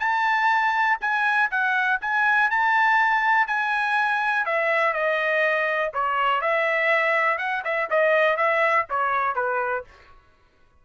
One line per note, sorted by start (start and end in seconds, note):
0.00 0.98 A5
1.01 1.50 G#5
1.51 2.00 F#5
2.02 2.51 G#5
2.51 3.48 A5
3.48 4.46 G#5
4.46 4.94 E5
4.94 5.92 D#5
5.94 6.41 C#5
6.41 7.38 E5
7.38 7.63 F#5
7.65 7.89 E5
7.90 8.37 D#5
8.37 8.86 E5
8.90 9.36 C#5
9.36 9.85 B4